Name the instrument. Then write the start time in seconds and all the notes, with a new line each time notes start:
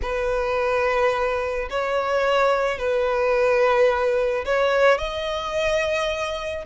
violin
0.02 B4
1.69 C#5
2.78 B4
4.45 C#5
4.98 D#5